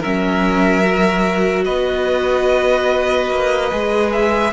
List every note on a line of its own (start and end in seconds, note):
0.00 1.67 F#3
0.00 0.83 C#4
0.00 1.64 A#4
0.00 1.65 E5
0.83 3.71 F#4
1.65 3.31 B3
1.65 4.53 B4
1.65 4.11 D#5
3.31 3.72 A#3
3.72 4.53 G#3
3.72 4.53 G#4
4.13 4.53 E5